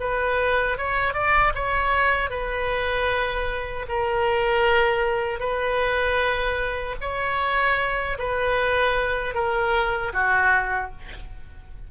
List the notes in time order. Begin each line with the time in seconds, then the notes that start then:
0.00 B4
0.78 C#5
1.14 D5
1.55 C#5
2.30 B4
3.88 A#4
5.40 B4
7.01 C#5
8.18 B4
9.34 A#4
10.13 F#4